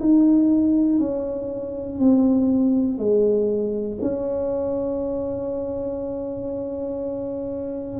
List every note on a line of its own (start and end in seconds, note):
0.00 0.99 D#4
0.99 1.99 C#4
2.00 2.99 C4
2.99 3.99 G#3
4.01 8.00 C#4